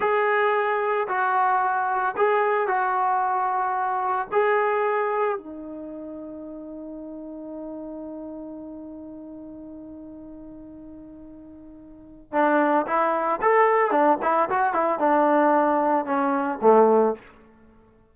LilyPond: \new Staff \with { instrumentName = "trombone" } { \time 4/4 \tempo 4 = 112 gis'2 fis'2 | gis'4 fis'2. | gis'2 dis'2~ | dis'1~ |
dis'1~ | dis'2. d'4 | e'4 a'4 d'8 e'8 fis'8 e'8 | d'2 cis'4 a4 | }